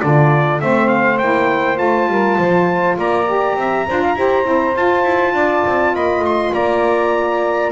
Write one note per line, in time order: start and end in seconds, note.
0.00 0.61 D3
0.00 0.60 D4
0.00 0.61 F4
0.00 0.59 D5
0.60 1.20 A3
0.60 1.20 C4
0.60 2.10 C5
0.60 0.87 E5
0.87 1.17 F5
1.18 1.80 A#3
1.18 1.74 E4
1.18 1.77 G5
1.74 2.07 A3
1.74 3.23 F4
1.74 2.96 A5
2.07 2.37 G3
2.07 2.38 A#4
2.37 2.97 F3
2.37 2.97 C5
2.97 3.55 A#3
2.97 3.57 D5
2.97 4.76 A#5
3.26 3.85 G4
3.55 3.85 C4
3.55 3.87 E5
3.87 4.15 D4
3.87 4.16 F4
3.87 4.01 C5
4.01 4.16 F5
4.15 4.44 E4
4.15 4.43 G4
4.15 5.34 C5
4.43 4.74 C4
4.43 4.73 E4
4.74 5.04 F4
4.74 7.71 F4
4.74 5.95 A5
5.04 5.33 E4
5.33 5.63 D4
5.33 5.93 D5
5.66 5.94 C4
5.94 6.19 A#3
5.94 6.53 D#5
5.94 6.24 B5
6.19 6.49 A3
6.19 6.54 C6
6.53 7.71 A#3
6.53 7.71 D5
6.53 7.71 A#5